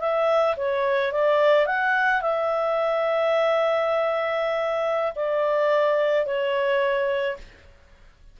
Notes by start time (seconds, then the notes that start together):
0.00 E5
0.57 C#5
1.12 D5
1.67 F#5
2.21 E5
5.16 D5
6.26 C#5